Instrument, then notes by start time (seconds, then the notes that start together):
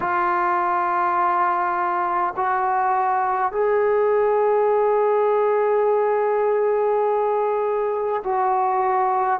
trombone
0.00 F4
2.36 F#4
3.52 G#4
8.24 F#4